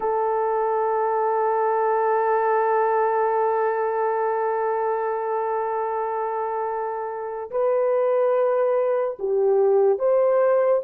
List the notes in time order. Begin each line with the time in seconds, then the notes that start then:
0.00 A4
7.50 B4
9.19 G4
9.98 C5